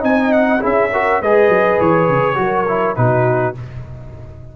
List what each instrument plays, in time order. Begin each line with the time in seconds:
0.00 tuba C4, trombone D#4, horn D#5, trumpet G#5
0.33 trumpet F#5
0.60 tuba C#4, trombone E4, horn G#4, trumpet E5
0.93 trombone F#4, horn A#4
1.21 tuba G#3, trombone G#4, horn B4, trumpet D#5
1.49 tuba F#3
1.81 tuba E3, trumpet C#5
2.09 tuba C#3
2.35 tuba F#3, trombone F#4, horn A#4
2.68 trombone E4
2.96 tuba B2, trombone D#4, horn F#4, trumpet B4